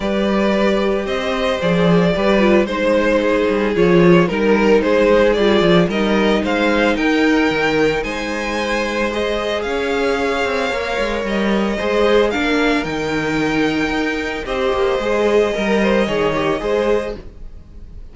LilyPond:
<<
  \new Staff \with { instrumentName = "violin" } { \time 4/4 \tempo 4 = 112 d''2 dis''4 d''4~ | d''4 c''2 cis''4 | ais'4 c''4 d''4 dis''4 | f''4 g''2 gis''4~ |
gis''4 dis''4 f''2~ | f''4 dis''2 f''4 | g''2. dis''4~ | dis''1 | }
  \new Staff \with { instrumentName = "violin" } { \time 4/4 b'2 c''2 | b'4 c''4 gis'2 | ais'4 gis'2 ais'4 | c''4 ais'2 c''4~ |
c''2 cis''2~ | cis''2 c''4 ais'4~ | ais'2. c''4~ | c''4 ais'8 c''8 cis''4 c''4 | }
  \new Staff \with { instrumentName = "viola" } { \time 4/4 g'2. gis'4 | g'8 f'8 dis'2 f'4 | dis'2 f'4 dis'4~ | dis'1~ |
dis'4 gis'2. | ais'2 gis'4 d'4 | dis'2. g'4 | gis'4 ais'4 gis'8 g'8 gis'4 | }
  \new Staff \with { instrumentName = "cello" } { \time 4/4 g2 c'4 f4 | g4 gis4. g8 f4 | g4 gis4 g8 f8 g4 | gis4 dis'4 dis4 gis4~ |
gis2 cis'4. c'8 | ais8 gis8 g4 gis4 ais4 | dis2 dis'4 c'8 ais8 | gis4 g4 dis4 gis4 | }
>>